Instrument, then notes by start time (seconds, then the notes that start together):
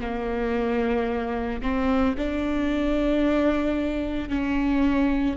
viola
0.00 A#3
1.61 C4
2.17 D4
4.29 C#4